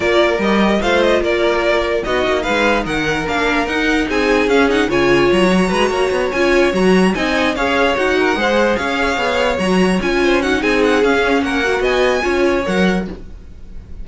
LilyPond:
<<
  \new Staff \with { instrumentName = "violin" } { \time 4/4 \tempo 4 = 147 d''4 dis''4 f''8 dis''8 d''4~ | d''4 dis''4 f''4 fis''4 | f''4 fis''4 gis''4 f''8 fis''8 | gis''4 ais''2~ ais''8 gis''8~ |
gis''8 ais''4 gis''4 f''4 fis''8~ | fis''4. f''2 ais''8~ | ais''8 gis''4 fis''8 gis''8 fis''8 f''4 | fis''4 gis''2 fis''4 | }
  \new Staff \with { instrumentName = "violin" } { \time 4/4 ais'2 c''4 ais'4~ | ais'4 fis'4 b'4 ais'4~ | ais'2 gis'2 | cis''2 b'8 cis''4.~ |
cis''4. dis''4 cis''4. | ais'8 c''4 cis''2~ cis''8~ | cis''4 c''8 fis'8 gis'2 | ais'4 dis''4 cis''2 | }
  \new Staff \with { instrumentName = "viola" } { \time 4/4 f'4 g'4 f'2~ | f'4 dis'2. | d'4 dis'2 cis'8 dis'8 | f'4. fis'2 f'8~ |
f'8 fis'4 dis'4 gis'4 fis'8~ | fis'8 gis'2. fis'8~ | fis'8 f'4 dis'4. cis'4~ | cis'8 fis'4. f'4 ais'4 | }
  \new Staff \with { instrumentName = "cello" } { \time 4/4 ais4 g4 a4 ais4~ | ais4 b8 ais8 gis4 dis4 | ais4 dis'4 c'4 cis'4 | cis4 fis4 gis8 ais8 b8 cis'8~ |
cis'8 fis4 c'4 cis'4 dis'8~ | dis'8 gis4 cis'4 b4 fis8~ | fis8 cis'4. c'4 cis'4 | ais4 b4 cis'4 fis4 | }
>>